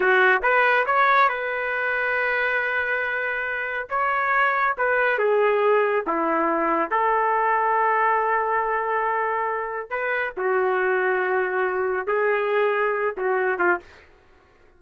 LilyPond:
\new Staff \with { instrumentName = "trumpet" } { \time 4/4 \tempo 4 = 139 fis'4 b'4 cis''4 b'4~ | b'1~ | b'4 cis''2 b'4 | gis'2 e'2 |
a'1~ | a'2. b'4 | fis'1 | gis'2~ gis'8 fis'4 f'8 | }